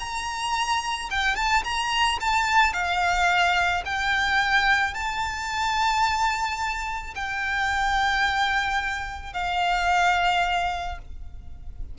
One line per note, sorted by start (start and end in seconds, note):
0.00 1.10 A#5
1.11 1.36 G5
1.36 1.63 A5
1.64 2.19 A#5
2.21 2.73 A5
2.73 3.84 F5
3.86 4.94 G5
4.94 7.14 A5
7.16 9.34 G5
9.34 10.99 F5